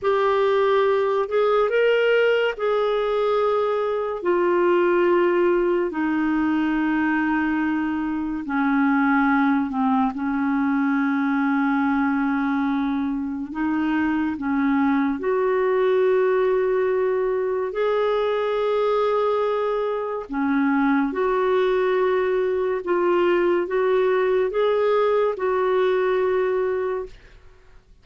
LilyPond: \new Staff \with { instrumentName = "clarinet" } { \time 4/4 \tempo 4 = 71 g'4. gis'8 ais'4 gis'4~ | gis'4 f'2 dis'4~ | dis'2 cis'4. c'8 | cis'1 |
dis'4 cis'4 fis'2~ | fis'4 gis'2. | cis'4 fis'2 f'4 | fis'4 gis'4 fis'2 | }